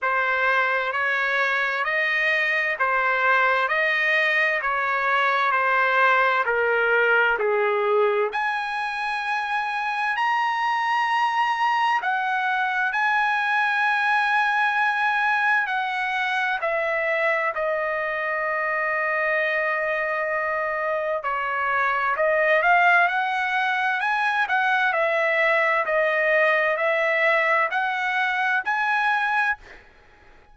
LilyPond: \new Staff \with { instrumentName = "trumpet" } { \time 4/4 \tempo 4 = 65 c''4 cis''4 dis''4 c''4 | dis''4 cis''4 c''4 ais'4 | gis'4 gis''2 ais''4~ | ais''4 fis''4 gis''2~ |
gis''4 fis''4 e''4 dis''4~ | dis''2. cis''4 | dis''8 f''8 fis''4 gis''8 fis''8 e''4 | dis''4 e''4 fis''4 gis''4 | }